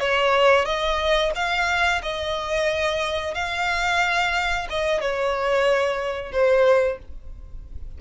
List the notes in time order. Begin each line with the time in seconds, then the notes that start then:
0.00 C#5
0.65 D#5
1.35 F5
2.02 D#5
3.34 F5
4.70 D#5
5.01 C#5
6.32 C5